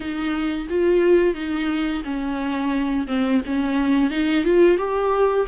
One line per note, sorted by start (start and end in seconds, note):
0.00 0.67 D#4
0.69 1.34 F4
1.34 2.02 D#4
2.04 3.06 C#4
3.07 3.41 C4
3.46 4.10 C#4
4.10 4.44 D#4
4.44 4.77 F4
4.77 5.45 G4